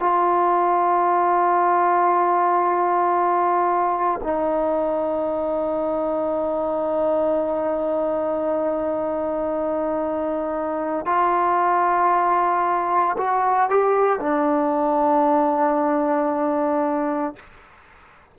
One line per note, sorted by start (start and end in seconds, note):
0.00 4.21 F4
4.23 11.06 D#4
11.06 13.16 F4
13.18 13.69 F#4
13.69 14.20 G4
14.20 17.35 D4